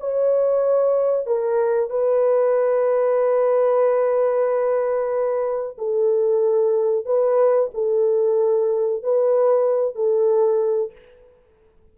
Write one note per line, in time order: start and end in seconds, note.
0.00 1.26 C#5
1.26 1.90 A#4
1.90 5.77 B4
5.78 7.06 A4
7.06 7.70 B4
7.74 9.03 A4
9.03 9.95 B4
9.95 10.92 A4